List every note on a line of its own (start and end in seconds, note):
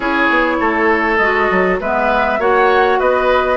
0.00 0.28 C#4
0.00 1.19 E4
0.00 0.56 G#4
0.00 1.16 C#5
0.29 0.59 B3
0.60 1.18 A3
0.60 1.80 A4
1.16 1.48 G#3
1.16 1.81 F#4
1.16 1.76 D#5
1.50 1.80 F#3
1.80 2.38 G#3
1.80 2.39 B3
1.80 2.39 B4
1.80 2.41 E5
2.38 2.98 A#3
2.38 3.57 F#4
2.38 2.99 C#5
2.38 2.99 F#5
2.99 3.57 B3
2.99 3.57 B4
2.99 3.57 D#5